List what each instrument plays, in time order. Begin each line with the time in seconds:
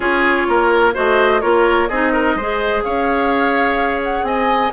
0.00 bassoon C#4, clarinet F4, oboe G#4, flute C#5
0.48 bassoon A#3, oboe A#4
0.93 bassoon A3, clarinet F#4, oboe C5, flute D#5
1.41 bassoon A#3, clarinet F4, oboe A#4, flute C#5
1.87 bassoon C4, clarinet D#4, oboe G#4, flute D#5
2.12 oboe A#4
2.35 bassoon G#3, clarinet G#4, oboe C5
2.83 bassoon C#4, oboe C#5, flute F5
4.03 flute F#5
4.22 bassoon C4, oboe D#5, flute G#5